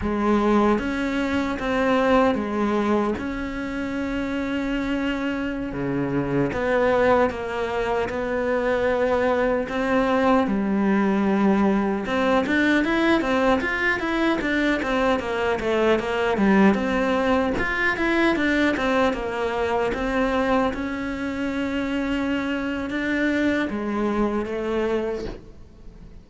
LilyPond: \new Staff \with { instrumentName = "cello" } { \time 4/4 \tempo 4 = 76 gis4 cis'4 c'4 gis4 | cis'2.~ cis'16 cis8.~ | cis16 b4 ais4 b4.~ b16~ | b16 c'4 g2 c'8 d'16~ |
d'16 e'8 c'8 f'8 e'8 d'8 c'8 ais8 a16~ | a16 ais8 g8 c'4 f'8 e'8 d'8 c'16~ | c'16 ais4 c'4 cis'4.~ cis'16~ | cis'4 d'4 gis4 a4 | }